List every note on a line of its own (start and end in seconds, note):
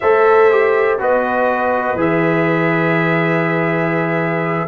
0.00 0.99 A3
0.00 0.50 A4
0.00 0.99 C5
0.00 0.98 E5
0.50 0.99 G4
0.99 1.94 B3
0.99 1.97 F#4
0.99 4.67 B4
0.99 2.00 D#5
1.94 4.65 E3
1.94 4.67 G#4
1.94 4.67 E5